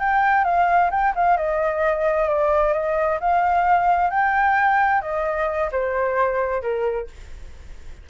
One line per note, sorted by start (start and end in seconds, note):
0.00 0.45 G5
0.45 0.90 F5
0.91 1.14 G5
1.16 1.37 F5
1.37 2.29 D#5
2.29 2.73 D5
2.73 3.19 D#5
3.21 4.11 F5
4.11 5.02 G5
5.02 5.70 D#5
5.72 6.62 C5
6.62 7.08 A#4